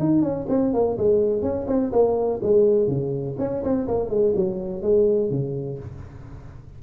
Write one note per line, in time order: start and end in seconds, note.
0.00 0.22 D#4
0.22 0.47 C#4
0.49 0.74 C4
0.74 0.98 A#3
0.98 1.43 G#3
1.43 1.67 C#4
1.68 1.92 C4
1.93 2.41 A#3
2.43 2.88 G#3
2.88 3.37 C#3
3.39 3.63 C#4
3.64 3.88 C4
3.88 4.10 A#3
4.10 4.34 G#3
4.36 4.83 F#3
4.83 5.30 G#3
5.30 5.79 C#3